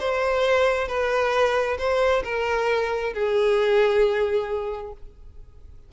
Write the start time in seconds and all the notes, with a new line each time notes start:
0.00 C5
0.88 B4
1.78 C5
2.24 A#4
3.14 G#4